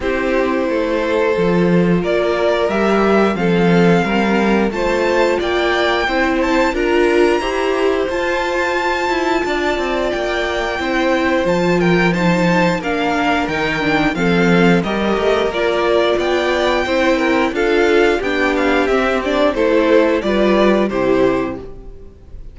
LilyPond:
<<
  \new Staff \with { instrumentName = "violin" } { \time 4/4 \tempo 4 = 89 c''2. d''4 | e''4 f''2 a''4 | g''4. a''8 ais''2 | a''2. g''4~ |
g''4 a''8 g''8 a''4 f''4 | g''4 f''4 dis''4 d''4 | g''2 f''4 g''8 f''8 | e''8 d''8 c''4 d''4 c''4 | }
  \new Staff \with { instrumentName = "violin" } { \time 4/4 g'4 a'2 ais'4~ | ais'4 a'4 ais'4 c''4 | d''4 c''4 ais'4 c''4~ | c''2 d''2 |
c''4. ais'8 c''4 ais'4~ | ais'4 a'4 ais'2 | d''4 c''8 ais'8 a'4 g'4~ | g'4 a'4 b'4 g'4 | }
  \new Staff \with { instrumentName = "viola" } { \time 4/4 e'2 f'2 | g'4 c'2 f'4~ | f'4 e'4 f'4 g'4 | f'1 |
e'4 f'4 dis'4 d'4 | dis'8 d'8 c'4 g'4 f'4~ | f'4 e'4 f'4 d'4 | c'8 d'8 e'4 f'4 e'4 | }
  \new Staff \with { instrumentName = "cello" } { \time 4/4 c'4 a4 f4 ais4 | g4 f4 g4 a4 | ais4 c'4 d'4 e'4 | f'4. e'8 d'8 c'8 ais4 |
c'4 f2 ais4 | dis4 f4 g8 a8 ais4 | b4 c'4 d'4 b4 | c'4 a4 g4 c4 | }
>>